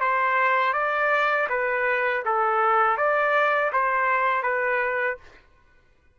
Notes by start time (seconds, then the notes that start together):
0.00 C5
0.73 D5
1.49 B4
2.25 A4
2.97 D5
3.72 C5
4.43 B4